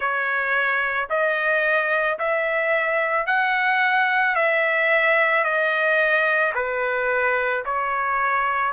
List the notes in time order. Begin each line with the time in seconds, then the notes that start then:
0.00 C#5
1.09 D#5
2.18 E5
3.26 F#5
4.35 E5
5.43 D#5
6.55 B4
7.65 C#5